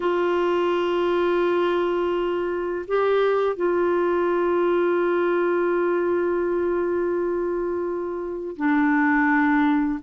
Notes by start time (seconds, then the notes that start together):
0.00 F4
2.87 G4
3.56 F4
8.56 D4